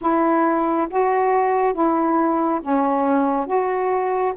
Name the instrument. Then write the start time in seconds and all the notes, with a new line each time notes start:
saxophone
0.01 E4
0.90 F#4
1.73 E4
2.61 C#4
3.46 F#4